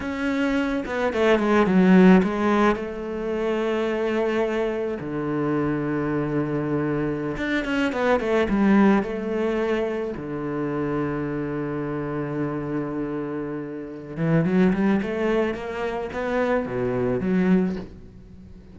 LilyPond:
\new Staff \with { instrumentName = "cello" } { \time 4/4 \tempo 4 = 108 cis'4. b8 a8 gis8 fis4 | gis4 a2.~ | a4 d2.~ | d4~ d16 d'8 cis'8 b8 a8 g8.~ |
g16 a2 d4.~ d16~ | d1~ | d4. e8 fis8 g8 a4 | ais4 b4 b,4 fis4 | }